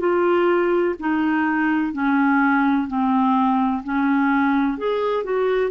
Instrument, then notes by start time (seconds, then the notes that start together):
clarinet
0.00 F4
1.00 D#4
1.93 C#4
2.88 C4
3.84 C#4
4.78 G#4
5.24 F#4